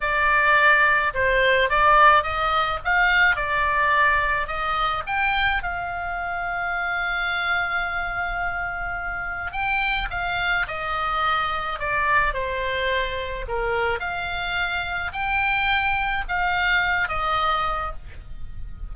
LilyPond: \new Staff \with { instrumentName = "oboe" } { \time 4/4 \tempo 4 = 107 d''2 c''4 d''4 | dis''4 f''4 d''2 | dis''4 g''4 f''2~ | f''1~ |
f''4 g''4 f''4 dis''4~ | dis''4 d''4 c''2 | ais'4 f''2 g''4~ | g''4 f''4. dis''4. | }